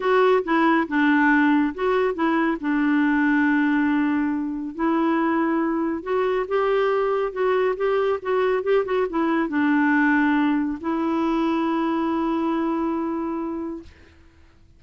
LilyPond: \new Staff \with { instrumentName = "clarinet" } { \time 4/4 \tempo 4 = 139 fis'4 e'4 d'2 | fis'4 e'4 d'2~ | d'2. e'4~ | e'2 fis'4 g'4~ |
g'4 fis'4 g'4 fis'4 | g'8 fis'8 e'4 d'2~ | d'4 e'2.~ | e'1 | }